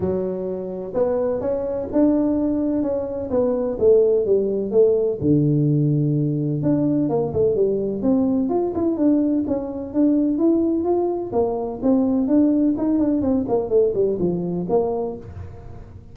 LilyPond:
\new Staff \with { instrumentName = "tuba" } { \time 4/4 \tempo 4 = 127 fis2 b4 cis'4 | d'2 cis'4 b4 | a4 g4 a4 d4~ | d2 d'4 ais8 a8 |
g4 c'4 f'8 e'8 d'4 | cis'4 d'4 e'4 f'4 | ais4 c'4 d'4 dis'8 d'8 | c'8 ais8 a8 g8 f4 ais4 | }